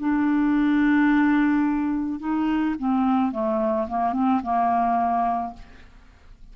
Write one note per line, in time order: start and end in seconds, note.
0.00 2.20 D4
2.20 2.75 D#4
2.79 3.32 C4
3.32 3.87 A3
3.87 4.13 A#3
4.13 4.41 C4
4.43 5.54 A#3